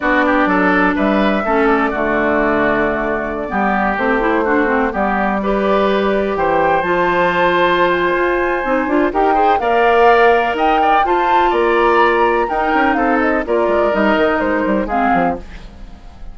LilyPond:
<<
  \new Staff \with { instrumentName = "flute" } { \time 4/4 \tempo 4 = 125 d''2 e''4. d''8~ | d''1~ | d''16 c''2 d''4.~ d''16~ | d''4~ d''16 g''4 a''4.~ a''16~ |
a''8 gis''2~ gis''8 g''4 | f''2 g''4 a''4 | ais''2 g''4 f''8 dis''8 | d''4 dis''4 c''4 f''4 | }
  \new Staff \with { instrumentName = "oboe" } { \time 4/4 fis'8 g'8 a'4 b'4 a'4 | fis'2.~ fis'16 g'8.~ | g'4~ g'16 fis'4 g'4 b'8.~ | b'4~ b'16 c''2~ c''8.~ |
c''2. ais'8 c''8 | d''2 dis''8 d''8 c''4 | d''2 ais'4 a'4 | ais'2. gis'4 | }
  \new Staff \with { instrumentName = "clarinet" } { \time 4/4 d'2. cis'4 | a2.~ a16 b8.~ | b16 c'8 e'8 d'8 c'8 b4 g'8.~ | g'2~ g'16 f'4.~ f'16~ |
f'2 dis'8 f'8 g'8 gis'8 | ais'2. f'4~ | f'2 dis'2 | f'4 dis'2 c'4 | }
  \new Staff \with { instrumentName = "bassoon" } { \time 4/4 b4 fis4 g4 a4 | d2.~ d16 g8.~ | g16 a2 g4.~ g16~ | g4~ g16 e4 f4.~ f16~ |
f4 f'4 c'8 d'8 dis'4 | ais2 dis'4 f'4 | ais2 dis'8 cis'8 c'4 | ais8 gis8 g8 dis8 gis8 g8 gis8 f8 | }
>>